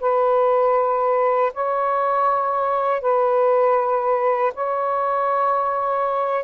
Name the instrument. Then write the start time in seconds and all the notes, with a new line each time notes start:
saxophone
0.00 B4
1.53 C#5
3.01 B4
4.54 C#5